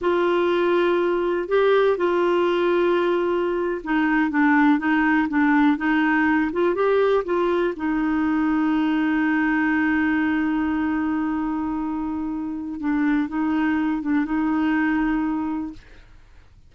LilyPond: \new Staff \with { instrumentName = "clarinet" } { \time 4/4 \tempo 4 = 122 f'2. g'4 | f'2.~ f'8. dis'16~ | dis'8. d'4 dis'4 d'4 dis'16~ | dis'4~ dis'16 f'8 g'4 f'4 dis'16~ |
dis'1~ | dis'1~ | dis'2 d'4 dis'4~ | dis'8 d'8 dis'2. | }